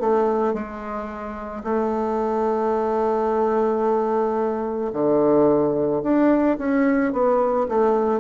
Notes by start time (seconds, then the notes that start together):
0.00 A3
0.54 G#3
1.64 A3
4.93 D3
6.02 D4
6.58 C#4
7.13 B3
7.69 A3